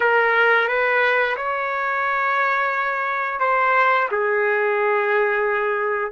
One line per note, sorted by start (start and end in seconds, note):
0.00 0.68 A#4
0.68 1.36 B4
1.36 3.40 C#5
3.40 4.08 C5
4.11 6.11 G#4